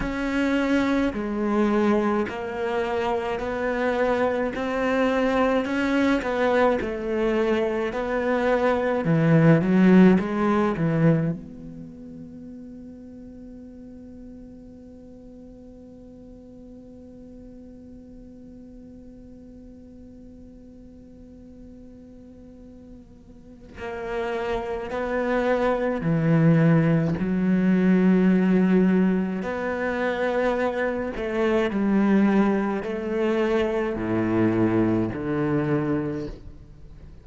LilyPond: \new Staff \with { instrumentName = "cello" } { \time 4/4 \tempo 4 = 53 cis'4 gis4 ais4 b4 | c'4 cis'8 b8 a4 b4 | e8 fis8 gis8 e8 b2~ | b1~ |
b1~ | b4 ais4 b4 e4 | fis2 b4. a8 | g4 a4 a,4 d4 | }